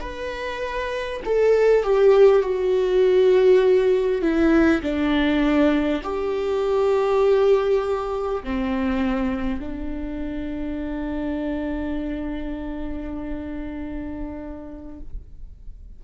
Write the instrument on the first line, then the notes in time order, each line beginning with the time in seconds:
viola
0.00 B4
1.25 A4
1.83 G4
2.42 F#4
4.21 E4
4.82 D4
6.03 G4
8.43 C4
9.59 D4